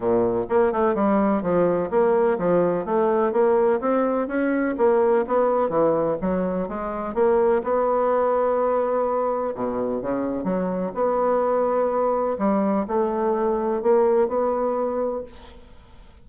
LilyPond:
\new Staff \with { instrumentName = "bassoon" } { \time 4/4 \tempo 4 = 126 ais,4 ais8 a8 g4 f4 | ais4 f4 a4 ais4 | c'4 cis'4 ais4 b4 | e4 fis4 gis4 ais4 |
b1 | b,4 cis4 fis4 b4~ | b2 g4 a4~ | a4 ais4 b2 | }